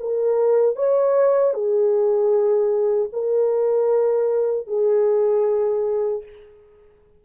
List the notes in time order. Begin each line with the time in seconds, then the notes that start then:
0.00 A#4
0.76 C#5
1.54 G#4
3.13 A#4
4.68 G#4